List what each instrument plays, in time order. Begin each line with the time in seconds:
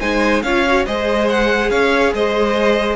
0.00 cello G#3, viola D#4, violin C5 G#5
0.42 cello C#4, viola F4, violin C#5 F5
0.67 viola F#4
0.86 cello G#3, viola G#4, violin C5 D#5
1.29 violin F#5
1.70 cello C#4, violin C#5 F5
2.13 cello G#3, violin C5 D#5